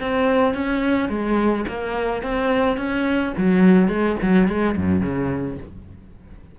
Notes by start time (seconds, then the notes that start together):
0.00 C4
0.54 C#4
1.09 G#3
1.68 A#3
2.23 C4
2.77 C#4
3.37 F#3
3.88 G#3
4.22 F#3
4.48 G#3
4.76 F#2
5.01 C#3